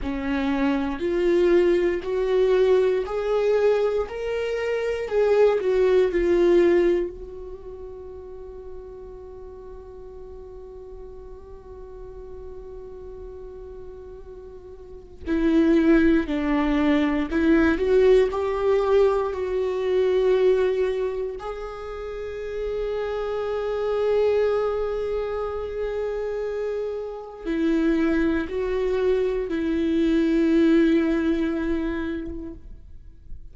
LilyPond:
\new Staff \with { instrumentName = "viola" } { \time 4/4 \tempo 4 = 59 cis'4 f'4 fis'4 gis'4 | ais'4 gis'8 fis'8 f'4 fis'4~ | fis'1~ | fis'2. e'4 |
d'4 e'8 fis'8 g'4 fis'4~ | fis'4 gis'2.~ | gis'2. e'4 | fis'4 e'2. | }